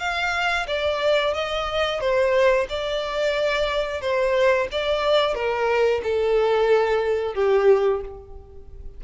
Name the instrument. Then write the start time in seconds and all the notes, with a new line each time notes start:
violin
0.00 F5
0.67 D5
1.34 D#5
2.00 C5
2.69 D5
4.01 C5
4.72 D5
5.35 A#4
6.03 A4
7.35 G4